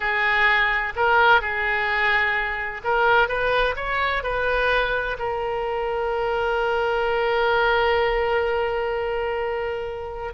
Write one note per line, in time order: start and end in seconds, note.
0.00 0.93 G#4
0.96 1.41 A#4
1.41 2.81 G#4
2.84 3.28 A#4
3.28 3.75 B4
3.76 4.23 C#5
4.23 5.17 B4
5.18 10.33 A#4